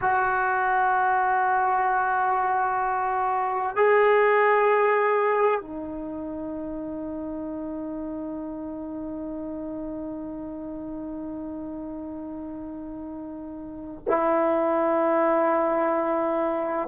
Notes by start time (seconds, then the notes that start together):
0.01 F#4
3.75 G#4
5.60 D#4
14.07 E4